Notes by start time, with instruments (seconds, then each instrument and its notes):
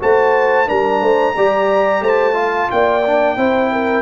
0.00 tuba A3, trombone F#4, horn C5, trumpet A5
0.67 tuba G3, trombone D4, horn A#4, trumpet A#5
1.01 tuba A3, horn C5
1.37 tuba G3, trombone G4, horn D5
2.01 tuba A3, horn C5, trumpet A5
2.34 trombone F4, horn F5
2.71 tuba A#3, horn D5, trumpet G5
3.06 trombone D4
3.37 tuba C4, trombone E4, horn C5
3.73 horn A#4